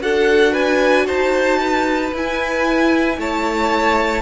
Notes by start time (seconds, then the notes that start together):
0.00 D4 F#4 A4 F#5
0.52 B4 G#5
1.07 D#4 C5 A5
1.60 B4
2.13 E4 G#5
3.18 A3 C#5 A5